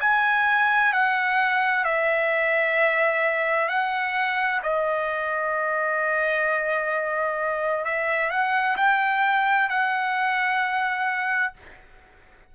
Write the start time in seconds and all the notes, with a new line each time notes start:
0.00 G#5
0.92 F#5
1.84 E5
3.68 F#5
4.62 D#5
7.85 E5
8.30 F#5
8.77 G5
9.69 F#5